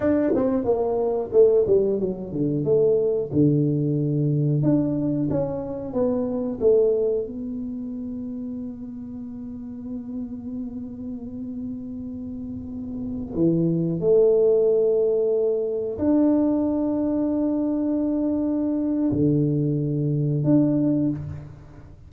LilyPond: \new Staff \with { instrumentName = "tuba" } { \time 4/4 \tempo 4 = 91 d'8 c'8 ais4 a8 g8 fis8 d8 | a4 d2 d'4 | cis'4 b4 a4 b4~ | b1~ |
b1~ | b16 e4 a2~ a8.~ | a16 d'2.~ d'8.~ | d'4 d2 d'4 | }